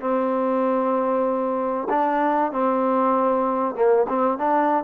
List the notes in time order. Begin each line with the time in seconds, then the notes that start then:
0.00 C4
1.89 D4
2.52 C4
3.75 A#3
4.08 C4
4.38 D4